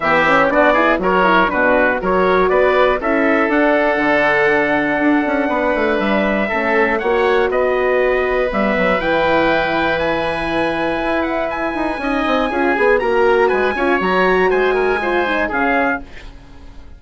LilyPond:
<<
  \new Staff \with { instrumentName = "trumpet" } { \time 4/4 \tempo 4 = 120 e''4 d''4 cis''4 b'4 | cis''4 d''4 e''4 fis''4~ | fis''1 | e''2 fis''4 dis''4~ |
dis''4 e''4 g''2 | gis''2~ gis''8 fis''8 gis''4~ | gis''2 ais''4 gis''4 | ais''4 gis''2 f''4 | }
  \new Staff \with { instrumentName = "oboe" } { \time 4/4 g'4 fis'8 gis'8 ais'4 fis'4 | ais'4 b'4 a'2~ | a'2. b'4~ | b'4 a'4 cis''4 b'4~ |
b'1~ | b'1 | dis''4 gis'4 ais'4 b'8 cis''8~ | cis''4 c''8 ais'8 c''4 gis'4 | }
  \new Staff \with { instrumentName = "horn" } { \time 4/4 b8 cis'8 d'8 e'8 fis'8 e'8 d'4 | fis'2 e'4 d'4~ | d'1~ | d'4 cis'4 fis'2~ |
fis'4 b4 e'2~ | e'1 | dis'4 f'8 gis'8 fis'4. f'8 | fis'2 f'8 dis'8 cis'4 | }
  \new Staff \with { instrumentName = "bassoon" } { \time 4/4 e4 b4 fis4 b,4 | fis4 b4 cis'4 d'4 | d2 d'8 cis'8 b8 a8 | g4 a4 ais4 b4~ |
b4 g8 fis8 e2~ | e2 e'4. dis'8 | cis'8 c'8 cis'8 b8 ais4 gis8 cis'8 | fis4 gis2 cis4 | }
>>